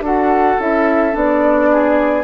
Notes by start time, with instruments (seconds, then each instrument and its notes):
0.00 bassoon D4, clarinet F#4, oboe A4, flute F#5
0.60 bassoon C#4, clarinet E4, flute E5
1.12 bassoon B3, clarinet D4, flute D5
1.72 oboe G#4